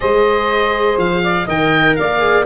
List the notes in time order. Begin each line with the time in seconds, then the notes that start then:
0.00 G#3 G#4 C5 D#5
0.97 F3 F5
1.23 D5
1.45 D#3 A#4 D#5 G5
1.96 A#3 D5 F5
2.19 G#4